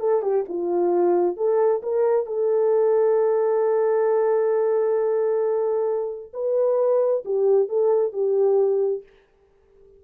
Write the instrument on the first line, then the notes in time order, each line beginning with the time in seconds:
horn
0.00 A4
0.22 G4
0.49 F4
1.37 A4
1.83 A#4
2.26 A4
6.34 B4
7.25 G4
7.69 A4
8.13 G4